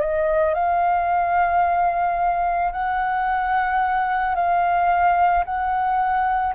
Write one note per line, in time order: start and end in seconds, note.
0.00 0.54 D#5
0.54 2.72 F5
2.72 4.35 F#5
4.35 5.44 F5
5.45 6.54 F#5